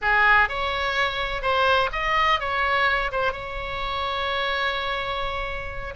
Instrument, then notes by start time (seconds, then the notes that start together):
oboe
0.01 G#4
0.48 C#5
1.42 C5
1.92 D#5
2.39 C#5
3.11 C5
3.32 C#5